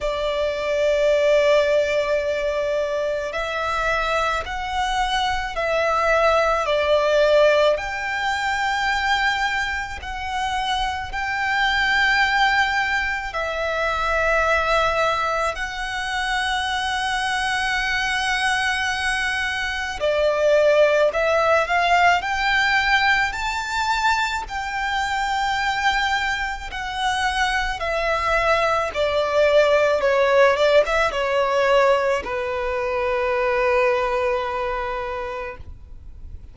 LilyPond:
\new Staff \with { instrumentName = "violin" } { \time 4/4 \tempo 4 = 54 d''2. e''4 | fis''4 e''4 d''4 g''4~ | g''4 fis''4 g''2 | e''2 fis''2~ |
fis''2 d''4 e''8 f''8 | g''4 a''4 g''2 | fis''4 e''4 d''4 cis''8 d''16 e''16 | cis''4 b'2. | }